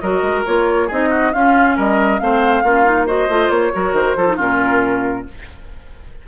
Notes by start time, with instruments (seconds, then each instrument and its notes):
0.00 bassoon F#3, clarinet F#4, oboe A#4, flute D#5
0.22 bassoon G#3
0.46 bassoon A#3, clarinet F4, flute C#5
0.87 bassoon C4, clarinet D#4, oboe G#4, flute D#5
1.10 oboe F#4
1.33 bassoon C#4, clarinet C#4, oboe F4, flute F5
1.76 bassoon G3, oboe A#4, flute D#5
2.19 bassoon A3, clarinet C4, oboe C5, flute F5
2.63 bassoon A#3, clarinet C#4, oboe F4
2.85 clarinet D#4
3.07 clarinet F#4, oboe C5, flute D#5
3.29 bassoon A3, clarinet F4
3.50 bassoon A#3, flute C#5
3.73 bassoon F#3, clarinet F#4, oboe A#4
3.93 bassoon D#3, flute C5
4.17 bassoon F3, clarinet F4, oboe A4
4.28 clarinet D#4
4.36 bassoon A#2, clarinet C#4, oboe F4, flute A#4